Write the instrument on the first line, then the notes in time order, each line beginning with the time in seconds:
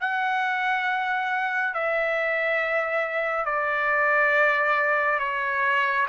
trumpet
0.00 F#5
1.74 E5
3.45 D5
5.19 C#5